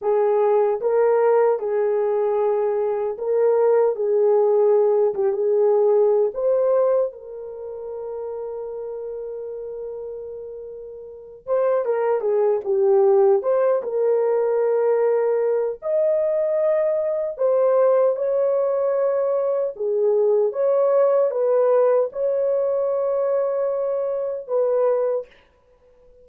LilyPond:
\new Staff \with { instrumentName = "horn" } { \time 4/4 \tempo 4 = 76 gis'4 ais'4 gis'2 | ais'4 gis'4. g'16 gis'4~ gis'16 | c''4 ais'2.~ | ais'2~ ais'8 c''8 ais'8 gis'8 |
g'4 c''8 ais'2~ ais'8 | dis''2 c''4 cis''4~ | cis''4 gis'4 cis''4 b'4 | cis''2. b'4 | }